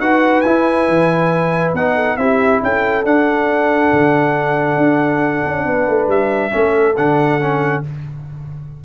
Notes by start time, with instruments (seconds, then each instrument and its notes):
0.00 tuba D#4, trombone F#4, horn B4, trumpet F#5
0.41 tuba E4, trombone E4, trumpet G#5
0.88 tuba E3
1.74 tuba B3, trombone D#4, trumpet F#5
1.95 horn A4
2.17 tuba C4, trombone E4, horn G4, trumpet E5
2.63 tuba C#4, horn A4, trumpet G5
3.04 trombone D4, tuba D4, trumpet F#5
3.93 tuba D3
4.77 tuba D4
5.46 tuba C#4
5.66 tuba B3, horn B4
5.88 tuba A3
6.08 tuba G3, trumpet E5
6.51 tuba A3, trombone C#4, horn A4
6.97 tuba D3, trombone D4, trumpet F#5
7.40 trombone C#4